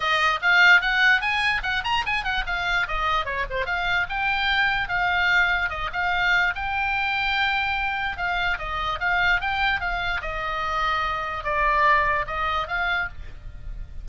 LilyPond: \new Staff \with { instrumentName = "oboe" } { \time 4/4 \tempo 4 = 147 dis''4 f''4 fis''4 gis''4 | fis''8 ais''8 gis''8 fis''8 f''4 dis''4 | cis''8 c''8 f''4 g''2 | f''2 dis''8 f''4. |
g''1 | f''4 dis''4 f''4 g''4 | f''4 dis''2. | d''2 dis''4 f''4 | }